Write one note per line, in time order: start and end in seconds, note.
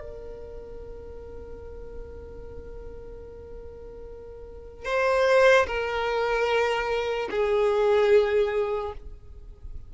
0.00 4.85 A#4
4.85 5.66 C5
5.66 7.29 A#4
7.30 8.93 G#4